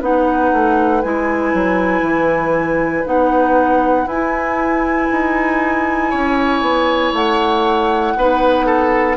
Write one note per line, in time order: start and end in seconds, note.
0.00 0.52 B3
0.00 1.03 D#4
0.00 6.10 B4
0.00 1.02 F#5
0.52 1.03 A3
1.02 1.53 G#3
1.02 3.05 E4
1.02 3.05 G#5
1.53 2.02 F#3
2.02 3.04 E3
3.05 4.06 B3
3.05 4.06 D#4
3.05 4.08 F#5
4.06 5.07 E4
4.06 7.13 G#5
4.12 8.18 E4
5.11 6.13 D#4
6.10 6.61 C#4
6.10 8.13 C#5
6.61 7.12 B3
7.13 8.14 A3
7.13 9.17 F#5
8.16 9.17 B3
8.16 9.17 D#4
8.16 8.66 B4
8.66 9.17 A4